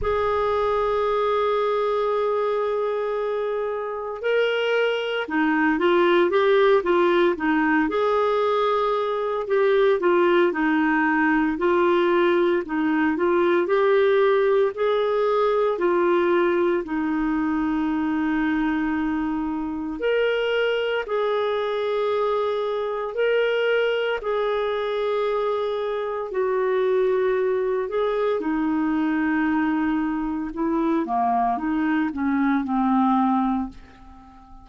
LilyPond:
\new Staff \with { instrumentName = "clarinet" } { \time 4/4 \tempo 4 = 57 gis'1 | ais'4 dis'8 f'8 g'8 f'8 dis'8 gis'8~ | gis'4 g'8 f'8 dis'4 f'4 | dis'8 f'8 g'4 gis'4 f'4 |
dis'2. ais'4 | gis'2 ais'4 gis'4~ | gis'4 fis'4. gis'8 dis'4~ | dis'4 e'8 ais8 dis'8 cis'8 c'4 | }